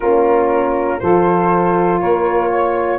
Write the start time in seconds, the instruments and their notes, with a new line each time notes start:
0.00 tuba A#3, horn C#4, saxophone F4, flute A#4
0.99 tuba F3, horn F4, saxophone A4, flute C5
2.00 tuba A#3, saxophone A#4, flute C#5
2.49 saxophone C#5